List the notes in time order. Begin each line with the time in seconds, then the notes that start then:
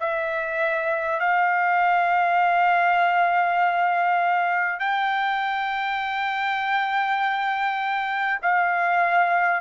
0.00 E5
1.20 F5
4.80 G5
8.42 F5